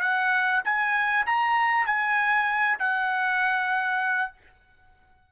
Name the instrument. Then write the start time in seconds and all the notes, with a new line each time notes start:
trumpet
0.00 F#5
0.64 G#5
1.26 A#5
1.86 G#5
2.79 F#5